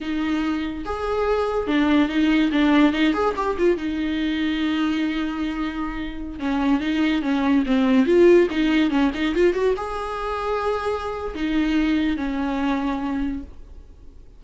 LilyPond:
\new Staff \with { instrumentName = "viola" } { \time 4/4 \tempo 4 = 143 dis'2 gis'2 | d'4 dis'4 d'4 dis'8 gis'8 | g'8 f'8 dis'2.~ | dis'2.~ dis'16 cis'8.~ |
cis'16 dis'4 cis'4 c'4 f'8.~ | f'16 dis'4 cis'8 dis'8 f'8 fis'8 gis'8.~ | gis'2. dis'4~ | dis'4 cis'2. | }